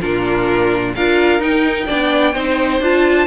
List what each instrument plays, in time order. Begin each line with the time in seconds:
0.00 cello A#2, viola D4, violin F4 A#4
0.95 cello D4, viola F4, violin A#4 F5
1.39 cello D#4, viola D#4, violin G5
1.87 cello B3, viola D4, violin D5
2.33 cello C4, viola D#4, violin C5
2.80 cello D4, viola F4, violin A5